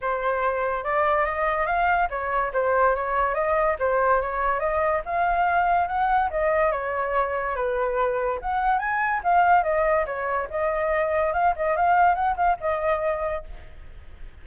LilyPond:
\new Staff \with { instrumentName = "flute" } { \time 4/4 \tempo 4 = 143 c''2 d''4 dis''4 | f''4 cis''4 c''4 cis''4 | dis''4 c''4 cis''4 dis''4 | f''2 fis''4 dis''4 |
cis''2 b'2 | fis''4 gis''4 f''4 dis''4 | cis''4 dis''2 f''8 dis''8 | f''4 fis''8 f''8 dis''2 | }